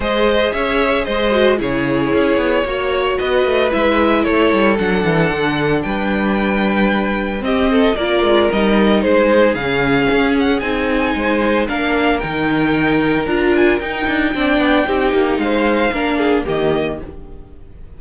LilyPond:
<<
  \new Staff \with { instrumentName = "violin" } { \time 4/4 \tempo 4 = 113 dis''4 e''4 dis''4 cis''4~ | cis''2 dis''4 e''4 | cis''4 fis''2 g''4~ | g''2 dis''4 d''4 |
dis''4 c''4 f''4. fis''8 | gis''2 f''4 g''4~ | g''4 ais''8 gis''8 g''2~ | g''4 f''2 dis''4 | }
  \new Staff \with { instrumentName = "violin" } { \time 4/4 c''4 cis''4 c''4 gis'4~ | gis'4 cis''4 b'2 | a'2. b'4~ | b'2 g'8 a'8 ais'4~ |
ais'4 gis'2.~ | gis'4 c''4 ais'2~ | ais'2. d''4 | g'4 c''4 ais'8 gis'8 g'4 | }
  \new Staff \with { instrumentName = "viola" } { \time 4/4 gis'2~ gis'8 fis'8 e'4~ | e'4 fis'2 e'4~ | e'4 d'2.~ | d'2 c'4 f'4 |
dis'2 cis'2 | dis'2 d'4 dis'4~ | dis'4 f'4 dis'4 d'4 | dis'2 d'4 ais4 | }
  \new Staff \with { instrumentName = "cello" } { \time 4/4 gis4 cis'4 gis4 cis4 | cis'8 b8 ais4 b8 a8 gis4 | a8 g8 fis8 e8 d4 g4~ | g2 c'4 ais8 gis8 |
g4 gis4 cis4 cis'4 | c'4 gis4 ais4 dis4~ | dis4 d'4 dis'8 d'8 c'8 b8 | c'8 ais8 gis4 ais4 dis4 | }
>>